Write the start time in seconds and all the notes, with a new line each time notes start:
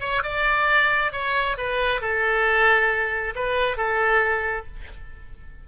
0.00 C#5
0.23 D5
1.12 C#5
1.57 B4
2.01 A4
3.35 B4
3.77 A4